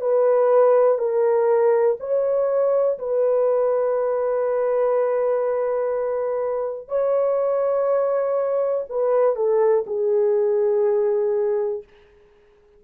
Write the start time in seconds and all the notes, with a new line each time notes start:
0.00 B4
0.98 A#4
1.99 C#5
2.98 B4
6.88 C#5
8.89 B4
9.35 A4
9.86 G#4